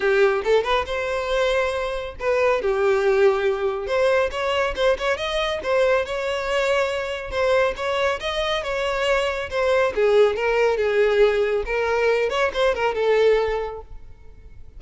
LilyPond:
\new Staff \with { instrumentName = "violin" } { \time 4/4 \tempo 4 = 139 g'4 a'8 b'8 c''2~ | c''4 b'4 g'2~ | g'4 c''4 cis''4 c''8 cis''8 | dis''4 c''4 cis''2~ |
cis''4 c''4 cis''4 dis''4 | cis''2 c''4 gis'4 | ais'4 gis'2 ais'4~ | ais'8 cis''8 c''8 ais'8 a'2 | }